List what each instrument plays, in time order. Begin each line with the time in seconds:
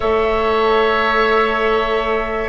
0.00 bassoon A3, clarinet A4, oboe C#5, flute E5